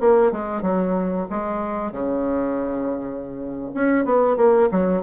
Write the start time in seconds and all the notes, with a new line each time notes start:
0.00 A#3
0.31 G#3
0.62 F#3
1.30 G#3
1.92 C#3
3.74 C#4
4.05 B3
4.36 A#3
4.71 F#3